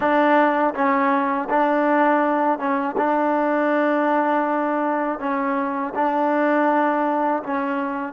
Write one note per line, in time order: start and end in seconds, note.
0.00 0.74 D4
0.74 1.48 C#4
1.49 2.58 D4
2.58 2.95 C#4
2.97 5.19 D4
5.19 5.93 C#4
5.94 7.42 D4
7.43 8.12 C#4